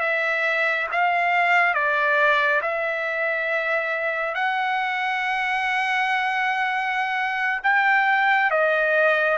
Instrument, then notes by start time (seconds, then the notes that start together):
trumpet
0.00 E5
0.92 F5
1.74 D5
2.62 E5
4.34 F#5
7.64 G5
8.51 D#5